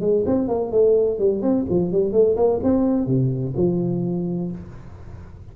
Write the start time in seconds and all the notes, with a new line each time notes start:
0.00 G#3
0.26 C4
0.48 A#3
0.71 A3
1.19 G3
1.42 C4
1.69 F3
1.92 G3
2.12 A3
2.36 A#3
2.63 C4
3.06 C3
3.56 F3